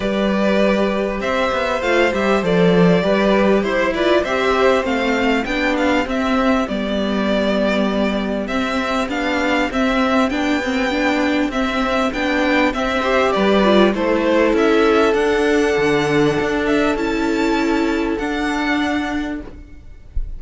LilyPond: <<
  \new Staff \with { instrumentName = "violin" } { \time 4/4 \tempo 4 = 99 d''2 e''4 f''8 e''8 | d''2 c''8 d''8 e''4 | f''4 g''8 f''8 e''4 d''4~ | d''2 e''4 f''4 |
e''4 g''2 e''4 | g''4 e''4 d''4 c''4 | e''4 fis''2~ fis''8 e''8 | a''2 fis''2 | }
  \new Staff \with { instrumentName = "violin" } { \time 4/4 b'2 c''2~ | c''4 b'4 c''8 b'8 c''4~ | c''4 g'2.~ | g'1~ |
g'1~ | g'4. c''8 b'4 a'4~ | a'1~ | a'1 | }
  \new Staff \with { instrumentName = "viola" } { \time 4/4 g'2. f'8 g'8 | a'4 g'4. f'8 g'4 | c'4 d'4 c'4 b4~ | b2 c'4 d'4 |
c'4 d'8 c'8 d'4 c'4 | d'4 c'8 g'4 f'8 e'4~ | e'4 d'2. | e'2 d'2 | }
  \new Staff \with { instrumentName = "cello" } { \time 4/4 g2 c'8 b8 a8 g8 | f4 g4 e'4 c'4 | a4 b4 c'4 g4~ | g2 c'4 b4 |
c'4 b2 c'4 | b4 c'4 g4 a4 | cis'4 d'4 d4 d'4 | cis'2 d'2 | }
>>